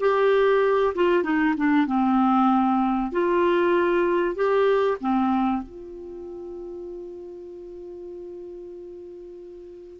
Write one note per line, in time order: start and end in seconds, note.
0.00 0.94 G4
0.95 1.23 F4
1.23 1.55 D#4
1.57 1.87 D4
1.87 3.12 C4
3.12 4.36 F4
4.36 4.98 G4
5.01 5.62 C4
5.62 10.00 F4